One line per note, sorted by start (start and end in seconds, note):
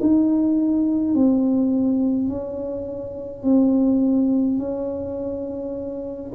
0.00 1.14 D#4
1.14 2.28 C4
2.28 3.43 C#4
3.43 4.58 C4
4.58 6.31 C#4